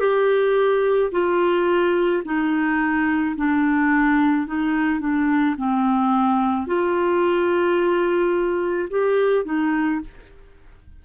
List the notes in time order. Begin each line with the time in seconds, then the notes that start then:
0.00 G4
1.12 F4
2.25 D#4
3.36 D4
4.46 D#4
5.00 D4
5.58 C4
6.67 F4
8.90 G4
9.45 D#4